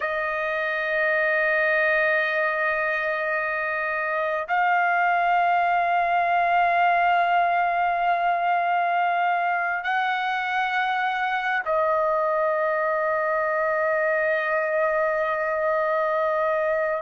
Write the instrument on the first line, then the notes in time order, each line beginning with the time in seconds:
trumpet
0.00 D#5
4.48 F5
9.83 F#5
11.65 D#5